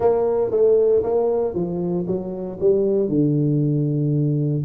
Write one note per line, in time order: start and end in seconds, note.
0.00 0.51 A#3
0.51 1.02 A3
1.03 1.54 A#3
1.54 2.05 F3
2.07 2.59 F#3
2.60 3.08 G3
3.08 4.63 D3